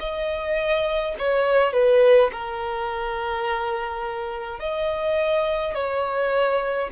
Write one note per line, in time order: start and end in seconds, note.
0.00 1.15 D#5
1.19 1.73 C#5
1.73 2.31 B4
2.32 4.59 A#4
4.59 5.75 D#5
5.75 6.90 C#5